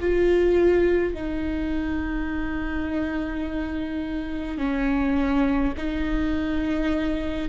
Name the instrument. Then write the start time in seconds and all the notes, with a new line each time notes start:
viola
0.00 F4
1.14 D#4
4.58 C#4
5.77 D#4